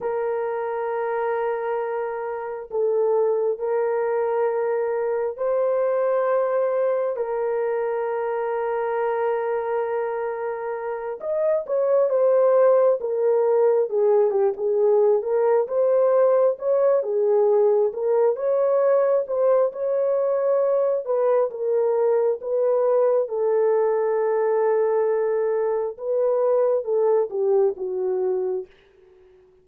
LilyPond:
\new Staff \with { instrumentName = "horn" } { \time 4/4 \tempo 4 = 67 ais'2. a'4 | ais'2 c''2 | ais'1~ | ais'8 dis''8 cis''8 c''4 ais'4 gis'8 |
g'16 gis'8. ais'8 c''4 cis''8 gis'4 | ais'8 cis''4 c''8 cis''4. b'8 | ais'4 b'4 a'2~ | a'4 b'4 a'8 g'8 fis'4 | }